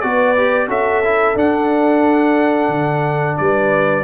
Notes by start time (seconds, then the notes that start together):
0.00 B3 F#4 B4 D5
0.37 G4
0.67 C#4 F#4 A4 E5
1.04 E4
1.35 D4 F#5
2.68 D3
3.37 G3 B4 D5